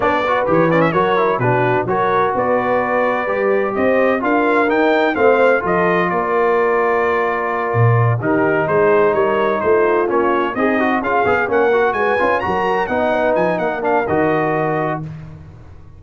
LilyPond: <<
  \new Staff \with { instrumentName = "trumpet" } { \time 4/4 \tempo 4 = 128 d''4 cis''8 d''16 e''16 cis''4 b'4 | cis''4 d''2. | dis''4 f''4 g''4 f''4 | dis''4 d''2.~ |
d''4. ais'4 c''4 cis''8~ | cis''8 c''4 cis''4 dis''4 f''8~ | f''8 fis''4 gis''4 ais''4 fis''8~ | fis''8 gis''8 fis''8 f''8 dis''2 | }
  \new Staff \with { instrumentName = "horn" } { \time 4/4 cis''8 b'4. ais'4 fis'4 | ais'4 b'2. | c''4 ais'2 c''4 | a'4 ais'2.~ |
ais'4. g'4 gis'4 ais'8~ | ais'8 f'2 dis'4 gis'8~ | gis'8 ais'4 b'4 ais'4 dis''8 | b'4 ais'2. | }
  \new Staff \with { instrumentName = "trombone" } { \time 4/4 d'8 fis'8 g'8 cis'8 fis'8 e'8 d'4 | fis'2. g'4~ | g'4 f'4 dis'4 c'4 | f'1~ |
f'4. dis'2~ dis'8~ | dis'4. cis'4 gis'8 fis'8 f'8 | gis'8 cis'8 fis'4 f'8 fis'4 dis'8~ | dis'4. d'8 fis'2 | }
  \new Staff \with { instrumentName = "tuba" } { \time 4/4 b4 e4 fis4 b,4 | fis4 b2 g4 | c'4 d'4 dis'4 a4 | f4 ais2.~ |
ais8 ais,4 dis4 gis4 g8~ | g8 a4 ais4 c'4 cis'8 | b8 ais4 gis8 cis'8 fis4 b8~ | b8 f8 ais4 dis2 | }
>>